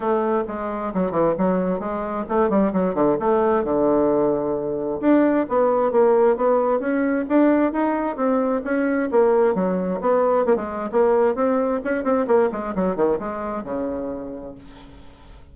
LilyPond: \new Staff \with { instrumentName = "bassoon" } { \time 4/4 \tempo 4 = 132 a4 gis4 fis8 e8 fis4 | gis4 a8 g8 fis8 d8 a4 | d2. d'4 | b4 ais4 b4 cis'4 |
d'4 dis'4 c'4 cis'4 | ais4 fis4 b4 ais16 gis8. | ais4 c'4 cis'8 c'8 ais8 gis8 | fis8 dis8 gis4 cis2 | }